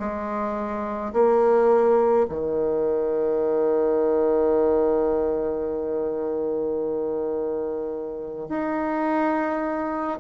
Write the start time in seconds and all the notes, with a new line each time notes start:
0.00 G#3
1.14 A#3
2.30 D#3
8.50 D#4